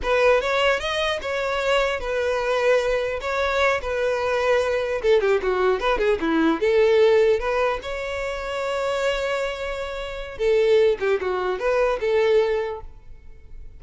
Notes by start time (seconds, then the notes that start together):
0.02 B4
0.40 C#5
0.79 D#5
1.21 C#5
1.99 B4
3.20 C#5
3.81 B4
5.01 A4
5.20 G4
5.42 F#4
5.79 B4
5.98 G#4
6.20 E4
6.60 A4
7.39 B4
7.82 C#5
10.38 A4
11.00 G4
11.20 F#4
11.59 B4
12.00 A4